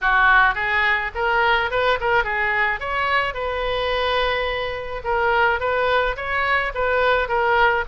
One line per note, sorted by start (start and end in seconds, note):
0.01 0.55 F#4
0.55 1.11 G#4
1.14 1.70 A#4
1.70 1.98 B4
2.00 2.24 A#4
2.24 2.80 G#4
2.80 3.33 C#5
3.33 5.02 B4
5.04 5.59 A#4
5.59 6.16 B4
6.16 6.72 C#5
6.74 7.28 B4
7.28 7.84 A#4